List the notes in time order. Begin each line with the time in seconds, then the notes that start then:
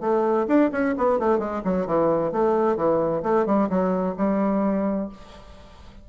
0.00 A3
0.47 D4
0.72 C#4
0.97 B3
1.19 A3
1.39 G#3
1.64 F#3
1.86 E3
2.32 A3
2.76 E3
3.22 A3
3.46 G3
3.69 F#3
4.17 G3